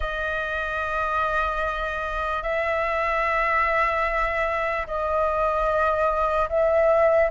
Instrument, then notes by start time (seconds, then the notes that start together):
flute
0.00 D#5
2.43 E5
4.86 D#5
6.49 E5